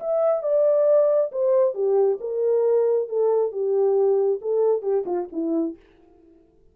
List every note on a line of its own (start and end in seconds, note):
0.00 0.43 E5
0.43 1.31 D5
1.32 1.74 C5
1.74 2.18 G4
2.20 3.08 A#4
3.08 3.52 A4
3.52 4.40 G4
4.42 4.82 A4
4.82 5.04 G4
5.06 5.28 F4
5.32 5.76 E4